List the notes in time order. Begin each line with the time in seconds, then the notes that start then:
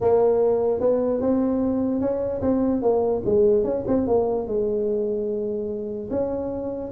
0.00 A#3
0.80 B3
1.20 C4
2.00 C#4
2.41 C4
2.81 A#3
3.25 G#3
3.64 C#4
3.87 C4
4.07 A#3
4.47 G#3
6.10 C#4